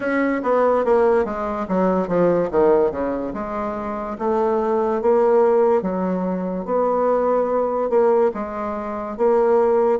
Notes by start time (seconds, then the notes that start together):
0.00 C#4
0.42 B3
0.84 A#3
1.24 G#3
1.68 F#3
2.08 F3
2.50 D#3
2.91 C#3
3.33 G#3
4.18 A3
5.01 A#3
5.81 F#3
6.65 B3
7.89 A#3
8.33 G#3
9.17 A#3